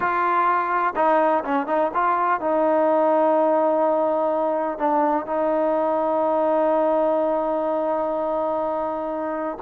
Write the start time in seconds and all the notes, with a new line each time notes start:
0.00 F4
0.95 D#4
1.44 C#4
1.67 D#4
1.94 F4
2.40 D#4
4.78 D4
5.26 D#4